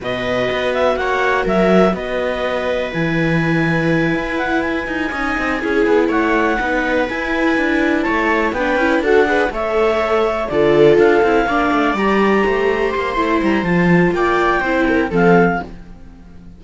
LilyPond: <<
  \new Staff \with { instrumentName = "clarinet" } { \time 4/4 \tempo 4 = 123 dis''4. e''8 fis''4 e''4 | dis''2 gis''2~ | gis''4 fis''8 gis''2~ gis''8~ | gis''8 fis''2 gis''4.~ |
gis''8 a''4 g''4 fis''4 e''8~ | e''4. d''4 f''4.~ | f''8 ais''2 c'''4 ais''8 | a''4 g''2 f''4 | }
  \new Staff \with { instrumentName = "viola" } { \time 4/4 b'2 cis''4 ais'4 | b'1~ | b'2~ b'8 dis''4 gis'8~ | gis'8 cis''4 b'2~ b'8~ |
b'8 cis''4 b'4 a'8 b'8 cis''8~ | cis''4. a'2 d''8~ | d''4. c''2~ c''8~ | c''4 d''4 c''8 ais'8 a'4 | }
  \new Staff \with { instrumentName = "viola" } { \time 4/4 fis'1~ | fis'2 e'2~ | e'2~ e'8 dis'4 e'8~ | e'4. dis'4 e'4.~ |
e'4. d'8 e'8 fis'8 gis'8 a'8~ | a'4. f'4. e'8 d'8~ | d'8 g'2~ g'8 e'4 | f'2 e'4 c'4 | }
  \new Staff \with { instrumentName = "cello" } { \time 4/4 b,4 b4 ais4 fis4 | b2 e2~ | e8 e'4. dis'8 cis'8 c'8 cis'8 | b8 a4 b4 e'4 d'8~ |
d'8 a4 b8 cis'8 d'4 a8~ | a4. d4 d'8 c'8 ais8 | a8 g4 a4 ais8 a8 g8 | f4 ais4 c'4 f4 | }
>>